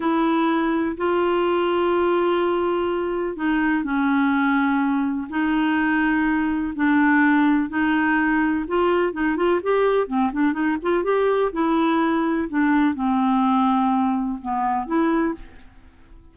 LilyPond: \new Staff \with { instrumentName = "clarinet" } { \time 4/4 \tempo 4 = 125 e'2 f'2~ | f'2. dis'4 | cis'2. dis'4~ | dis'2 d'2 |
dis'2 f'4 dis'8 f'8 | g'4 c'8 d'8 dis'8 f'8 g'4 | e'2 d'4 c'4~ | c'2 b4 e'4 | }